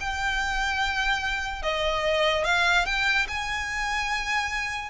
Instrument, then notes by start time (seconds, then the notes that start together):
violin
0.00 G5
1.63 D#5
2.45 F5
2.86 G5
3.28 G#5